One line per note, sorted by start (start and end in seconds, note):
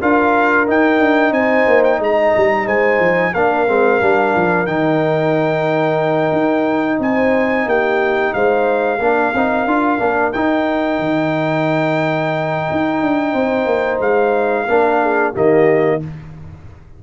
0.00 0.68 D4
0.00 0.67 F4
0.00 1.33 A#4
0.00 0.68 F5
0.67 3.34 D#4
0.67 1.00 D#4
0.67 1.33 G5
1.00 1.32 D4
1.32 1.65 C4
1.32 1.98 C5
1.32 1.83 G#5
1.67 1.99 A#3
1.84 2.01 G5
1.98 2.33 G#3
1.98 2.65 D#5
1.98 2.67 A#5
2.36 2.66 G3
2.66 2.99 G#3
2.66 3.32 C5
2.66 3.34 G#5
2.99 3.32 F3
3.33 3.68 A#3
3.33 3.67 D4
3.33 7.00 A#4
3.33 4.66 F5
3.67 4.01 G#3
3.67 4.00 C4
4.00 4.35 G3
4.00 4.66 D4
4.35 4.66 F3
4.66 6.32 D#3
4.66 8.99 D#4
4.66 6.99 G5
6.32 6.98 D#4
6.99 7.66 C4
6.99 7.67 C5
6.99 7.69 G#5
7.66 8.32 A#3
7.66 8.35 G4
7.66 8.33 G5
8.33 8.99 G#3
8.33 9.01 C5
8.33 10.32 F5
8.99 9.32 A#3
8.99 9.34 D4
8.99 13.32 A#4
9.34 9.66 C4
9.34 9.68 D#4
9.66 9.99 D4
9.66 9.99 F4
9.99 10.33 A#3
9.99 10.32 D4
10.32 14.68 D#4
10.32 10.99 D#4
10.32 13.99 G5
10.99 12.66 D#3
12.71 13.02 D#4
13.02 13.33 D4
13.32 13.66 C4
13.32 14.65 C5
13.66 13.99 A#3
13.99 14.66 G#3
13.99 15.34 F5
14.68 15.34 A#3
14.68 15.34 D4
14.68 15.02 A#4
15.02 15.32 G#4
15.32 16.03 D#3
15.32 16.00 A#3
15.32 15.99 G4
15.32 16.02 D#5